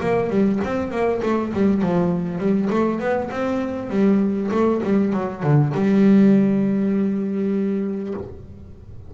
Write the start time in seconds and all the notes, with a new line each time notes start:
0.00 A#3
0.30 G3
0.64 C4
0.91 A#3
1.23 A3
1.53 G3
1.82 F3
2.39 G3
2.70 A3
3.00 B3
3.31 C4
3.90 G3
4.51 A3
4.83 G3
5.13 F#3
5.43 D3
5.74 G3